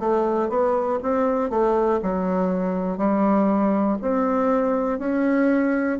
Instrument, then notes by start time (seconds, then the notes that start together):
bassoon
0.00 A3
0.50 B3
1.02 C4
1.50 A3
2.02 F#3
2.98 G3
4.01 C4
4.99 C#4